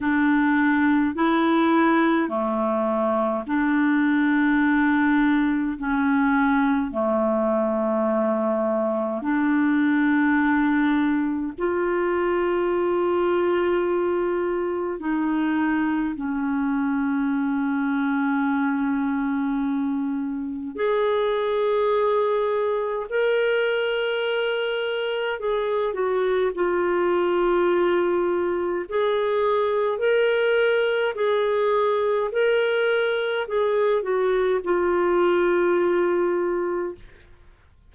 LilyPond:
\new Staff \with { instrumentName = "clarinet" } { \time 4/4 \tempo 4 = 52 d'4 e'4 a4 d'4~ | d'4 cis'4 a2 | d'2 f'2~ | f'4 dis'4 cis'2~ |
cis'2 gis'2 | ais'2 gis'8 fis'8 f'4~ | f'4 gis'4 ais'4 gis'4 | ais'4 gis'8 fis'8 f'2 | }